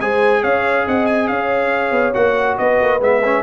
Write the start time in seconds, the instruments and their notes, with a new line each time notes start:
0.00 tuba G#3, trombone G#4, horn C5, trumpet G#5
0.41 tuba C#4, horn C#5, trumpet F5
0.86 tuba C4, horn D#5, trumpet F#5
1.06 trumpet G#5
1.28 tuba C#4, horn C#5, trumpet F5
1.91 tuba B3
2.14 tuba A#3, trombone F#4, trumpet F#5
2.58 tuba B3, horn B4, trumpet D#5
2.82 tuba A#3
3.01 tuba G#3, trombone B3, trumpet E5
3.24 trombone C#4